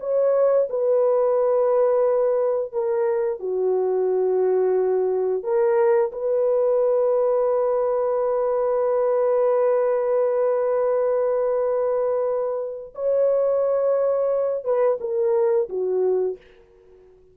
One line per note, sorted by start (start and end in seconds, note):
0.00 0.68 C#5
0.70 2.73 B4
2.73 3.40 A#4
3.40 5.43 F#4
5.43 6.11 A#4
6.12 12.94 B4
12.95 14.64 C#5
14.64 14.98 B4
15.01 15.69 A#4
15.69 16.37 F#4